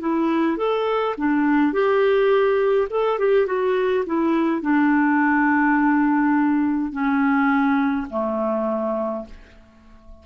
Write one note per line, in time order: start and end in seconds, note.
0.00 0.57 E4
0.57 1.15 A4
1.17 1.73 D4
1.73 2.88 G4
2.90 3.19 A4
3.19 3.47 G4
3.47 4.04 F#4
4.06 4.62 E4
4.62 6.92 D4
6.92 8.07 C#4
8.10 9.25 A3